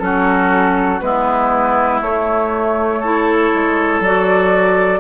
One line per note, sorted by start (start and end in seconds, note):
0.00 1.01 F#3
0.00 1.00 C#4
0.00 1.05 F#4
0.00 1.00 A4
1.01 2.02 G#3
1.01 2.03 B3
1.01 3.00 E4
1.01 2.01 B4
2.02 3.52 A3
2.02 3.03 A3
2.02 4.02 C#5
3.00 4.04 E4
3.00 5.00 A4
3.55 4.00 G#3
4.00 5.00 F#3
4.00 5.00 F#4
4.00 5.00 D5